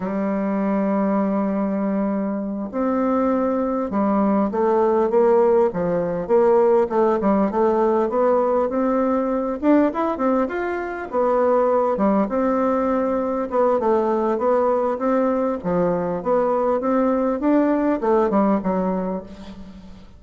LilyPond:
\new Staff \with { instrumentName = "bassoon" } { \time 4/4 \tempo 4 = 100 g1~ | g8 c'2 g4 a8~ | a8 ais4 f4 ais4 a8 | g8 a4 b4 c'4. |
d'8 e'8 c'8 f'4 b4. | g8 c'2 b8 a4 | b4 c'4 f4 b4 | c'4 d'4 a8 g8 fis4 | }